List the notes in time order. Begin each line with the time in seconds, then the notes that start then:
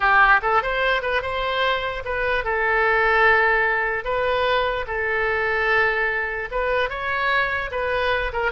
0.00 G4
0.42 A4
0.62 C5
1.02 B4
1.22 C5
2.04 B4
2.44 A4
4.04 B4
4.87 A4
6.51 B4
6.89 C#5
7.71 B4
8.32 A#4